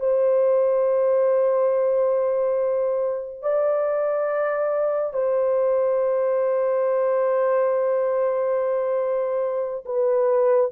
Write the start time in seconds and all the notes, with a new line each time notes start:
0.00 C5
3.42 D5
5.14 C5
9.85 B4